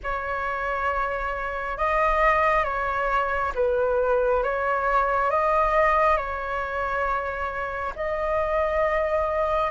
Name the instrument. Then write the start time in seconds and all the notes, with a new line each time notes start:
flute
0.03 C#5
1.77 D#5
2.64 C#5
3.55 B4
4.43 C#5
5.30 D#5
6.16 C#5
7.95 D#5